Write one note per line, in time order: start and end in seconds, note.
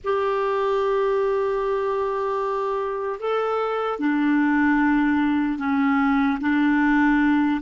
0.04 3.19 G4
3.19 3.99 A4
3.99 5.58 D4
5.58 6.38 C#4
6.40 7.60 D4